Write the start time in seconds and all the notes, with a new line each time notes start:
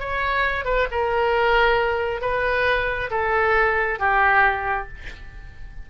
0.00 C#5
0.65 B4
0.92 A#4
2.22 B4
3.11 A4
4.00 G4